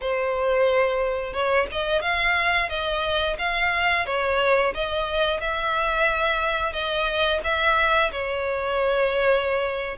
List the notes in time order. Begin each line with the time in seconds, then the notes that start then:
0.01 C5
1.33 C#5
1.71 D#5
2.01 F5
2.69 D#5
3.38 F5
4.06 C#5
4.74 D#5
5.40 E5
6.72 D#5
7.43 E5
8.11 C#5